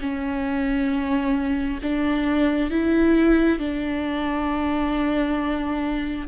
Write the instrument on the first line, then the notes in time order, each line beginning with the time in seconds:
viola
0.00 C#4
1.82 D4
2.70 E4
3.59 D4